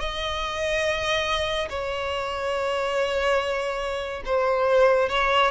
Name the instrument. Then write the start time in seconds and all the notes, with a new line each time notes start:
violin
0.00 D#5
1.70 C#5
4.26 C5
5.09 C#5